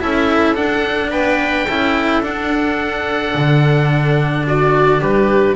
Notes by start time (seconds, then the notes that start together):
0.00 C#4 E4 A4 E5
0.55 D4 F#5
1.11 B3 B4 G5
1.66 C#4 E4 A4
2.22 D4 F#5
3.34 D3
4.47 F#4 D5
5.00 G3 G4 B4